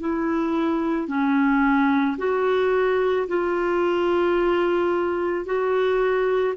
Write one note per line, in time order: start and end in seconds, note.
0.00 1.08 E4
1.08 2.17 C#4
2.18 3.27 F#4
3.28 5.45 F4
5.45 6.55 F#4